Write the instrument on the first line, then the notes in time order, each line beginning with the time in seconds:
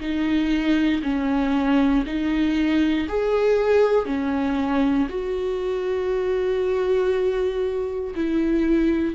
viola
0.00 D#4
1.03 C#4
2.06 D#4
3.09 G#4
4.06 C#4
5.09 F#4
8.15 E4